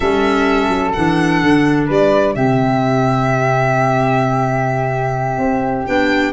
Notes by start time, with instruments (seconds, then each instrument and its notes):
0.00 tuba G3, clarinet C#4, flute A4, violin E5
0.68 tuba F#3
0.93 tuba E3, clarinet D4, violin F#5
1.42 tuba D3
1.86 tuba G3, flute B4, violin D5
2.35 tuba C3, clarinet C4, flute G4, violin E5
5.38 tuba C4
5.86 tuba B3, clarinet D4, violin G5